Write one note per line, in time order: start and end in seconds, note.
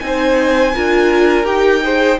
0.00 0.76 C4
0.00 0.74 D#4
0.00 0.75 C5
0.00 1.46 G#5
0.75 1.45 D4
0.75 1.45 F4
0.75 1.84 A#4
1.45 2.18 D#4
1.45 1.81 G4
1.45 2.20 G5
1.83 2.19 G#4
1.83 2.20 C5